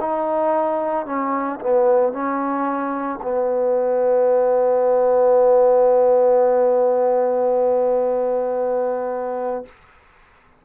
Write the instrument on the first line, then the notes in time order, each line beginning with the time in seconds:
trombone
0.00 D#4
1.06 C#4
1.60 B3
2.12 C#4
3.22 B3